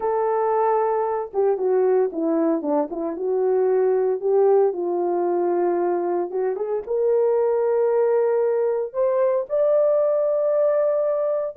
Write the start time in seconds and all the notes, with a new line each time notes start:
0.00 A4
1.33 G4
1.57 F#4
2.12 E4
2.61 D4
2.90 E4
3.16 F#4
4.20 G4
4.72 F4
6.30 F#4
6.56 G#4
6.86 A#4
8.93 C5
9.49 D5